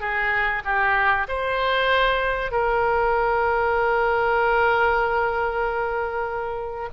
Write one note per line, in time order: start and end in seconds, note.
0.00 0.62 G#4
0.64 1.27 G4
1.28 2.51 C5
2.51 6.89 A#4